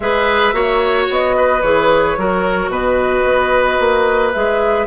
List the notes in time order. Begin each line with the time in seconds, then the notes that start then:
0.00 G#3 G#4 B4 E5
0.52 A#3 F#4 C#5
1.09 B3 D#5
1.36 B4
1.61 E3 G#4 C#5
2.17 F#3 F#4 A#4
2.68 B2 B4 D#5
3.23 B3
3.79 A#3
4.32 G#3 G#4 E5